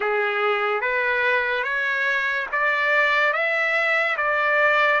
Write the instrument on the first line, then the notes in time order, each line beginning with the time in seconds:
trumpet
0.00 G#4
0.81 B4
1.63 C#5
2.52 D5
3.33 E5
4.17 D5